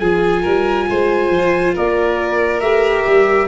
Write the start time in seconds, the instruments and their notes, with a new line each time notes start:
0.00 tuba F3, viola F4, violin G#4, trumpet G#5
0.43 tuba G3, violin A#4
0.90 tuba G#3, violin C5
1.30 tuba F3
1.75 tuba A#3, violin A#4, trumpet D5
2.61 tuba A3, viola G4, trumpet E5
3.07 tuba G3